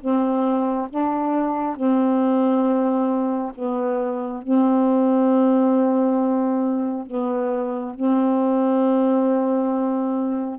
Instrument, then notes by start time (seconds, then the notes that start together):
saxophone
0.00 C4
0.89 D4
1.76 C4
3.55 B3
4.42 C4
7.06 B3
7.95 C4